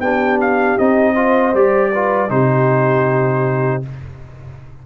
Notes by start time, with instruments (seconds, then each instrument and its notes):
0.00 tuba B3, trombone D4, horn G4, trumpet G5
0.41 trumpet F5
0.78 tuba C4, trombone D#4, trumpet D#5
1.13 trombone F4, horn C5
1.54 tuba G3, trombone G4, trumpet D5
1.92 trombone F4, horn B4
2.29 tuba C3, trombone D#4, horn G4, trumpet C5